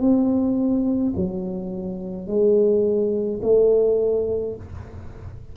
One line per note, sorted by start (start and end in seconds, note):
0.00 1.13 C4
1.16 2.27 F#3
2.27 3.41 G#3
3.43 4.56 A3